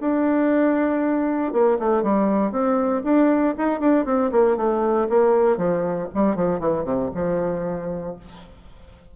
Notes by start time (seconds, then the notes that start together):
0.00 D4
1.52 A#3
1.79 A3
2.02 G3
2.51 C4
3.04 D4
3.57 D#4
3.80 D4
4.05 C4
4.31 A#3
4.56 A3
5.09 A#3
5.57 F3
6.14 G3
6.35 F3
6.59 E3
6.84 C3
7.14 F3